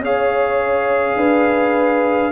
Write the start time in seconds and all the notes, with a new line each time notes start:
0.00 C#4 G#4 C#5 F5
1.16 D4 B4